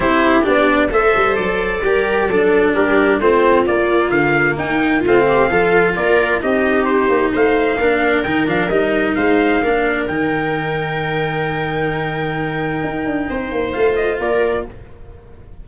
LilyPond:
<<
  \new Staff \with { instrumentName = "trumpet" } { \time 4/4 \tempo 4 = 131 c''4 d''4 e''4 d''4~ | d''2 ais'4 c''4 | d''4 f''4 g''4 f''4~ | f''4 d''4 dis''4 c''4 |
f''2 g''8 f''8 dis''4 | f''2 g''2~ | g''1~ | g''2 f''8 dis''8 d''4 | }
  \new Staff \with { instrumentName = "viola" } { \time 4/4 g'2 c''2 | ais'4 a'4 g'4 f'4~ | f'2 dis'4 f'8 g'8 | a'4 ais'4 g'2 |
c''4 ais'2. | c''4 ais'2.~ | ais'1~ | ais'4 c''2 ais'4 | }
  \new Staff \with { instrumentName = "cello" } { \time 4/4 e'4 d'4 a'2 | g'4 d'2 c'4 | ais2. c'4 | f'2 dis'2~ |
dis'4 d'4 dis'8 d'8 dis'4~ | dis'4 d'4 dis'2~ | dis'1~ | dis'2 f'2 | }
  \new Staff \with { instrumentName = "tuba" } { \time 4/4 c'4 b4 a8 g8 fis4 | g4 fis4 g4 a4 | ais4 d4 dis'4 a4 | f4 ais4 c'4. ais8 |
a4 ais4 dis8 f8 g4 | gis4 ais4 dis2~ | dis1 | dis'8 d'8 c'8 ais8 a4 ais4 | }
>>